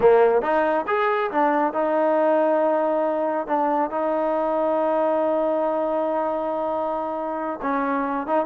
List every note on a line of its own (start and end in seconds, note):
0.00 0.42 A#3
0.42 0.85 D#4
0.87 1.30 G#4
1.31 1.73 D4
1.73 3.47 D#4
3.47 3.90 D4
3.90 7.59 D#4
7.62 8.26 C#4
8.26 8.45 D#4